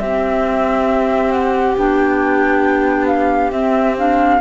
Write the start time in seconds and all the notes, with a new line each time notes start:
0.00 C4 G4 E5
1.32 F#5
1.76 B3 D4 G5
3.07 F5
3.52 C4 E5
3.97 D4 F5